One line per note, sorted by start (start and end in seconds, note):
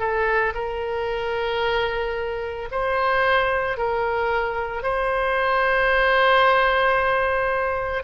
0.00 0.54 A4
0.55 2.69 A#4
2.71 3.77 C5
3.77 4.83 A#4
4.83 8.04 C5